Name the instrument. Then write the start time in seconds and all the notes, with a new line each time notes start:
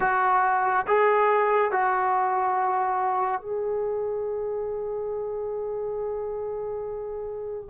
trombone
0.00 F#4
0.87 G#4
1.71 F#4
3.41 G#4